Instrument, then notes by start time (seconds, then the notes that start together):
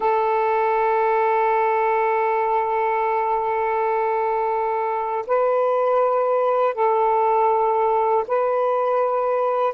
saxophone
0.00 A4
5.26 B4
6.74 A4
8.27 B4